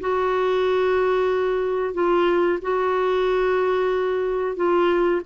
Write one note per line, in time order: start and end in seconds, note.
0.00 1.94 F#4
1.94 2.59 F4
2.62 4.56 F#4
4.56 5.21 F4